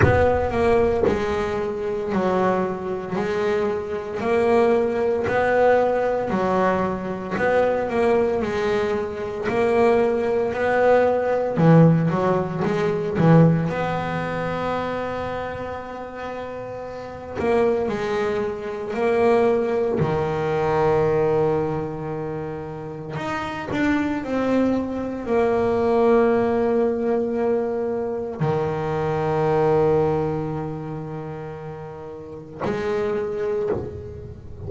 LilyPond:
\new Staff \with { instrumentName = "double bass" } { \time 4/4 \tempo 4 = 57 b8 ais8 gis4 fis4 gis4 | ais4 b4 fis4 b8 ais8 | gis4 ais4 b4 e8 fis8 | gis8 e8 b2.~ |
b8 ais8 gis4 ais4 dis4~ | dis2 dis'8 d'8 c'4 | ais2. dis4~ | dis2. gis4 | }